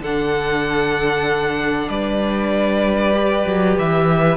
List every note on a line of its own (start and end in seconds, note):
0.00 1.88 D3
0.00 3.14 D4
0.00 1.89 A4
0.00 1.89 F#5
1.89 3.45 G3
1.89 4.37 B4
1.89 3.76 D5
3.14 4.37 G4
3.47 3.78 F#3
3.78 4.37 E3
3.78 4.37 E5